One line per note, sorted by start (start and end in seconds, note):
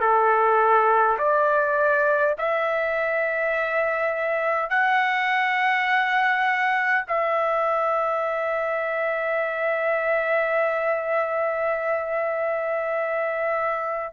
0.00 1.18 A4
1.18 2.36 D5
2.38 4.70 E5
4.70 7.05 F#5
7.07 14.13 E5